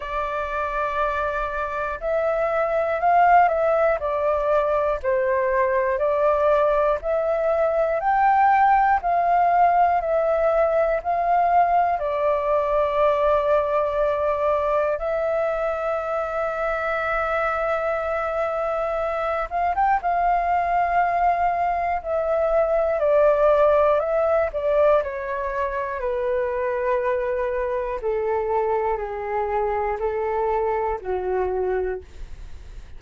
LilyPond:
\new Staff \with { instrumentName = "flute" } { \time 4/4 \tempo 4 = 60 d''2 e''4 f''8 e''8 | d''4 c''4 d''4 e''4 | g''4 f''4 e''4 f''4 | d''2. e''4~ |
e''2.~ e''8 f''16 g''16 | f''2 e''4 d''4 | e''8 d''8 cis''4 b'2 | a'4 gis'4 a'4 fis'4 | }